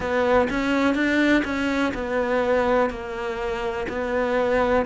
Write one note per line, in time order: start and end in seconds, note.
0.00 0.48 B3
0.50 0.94 C#4
0.94 1.43 D4
1.44 1.93 C#4
1.94 2.90 B3
2.90 3.87 A#3
3.88 4.85 B3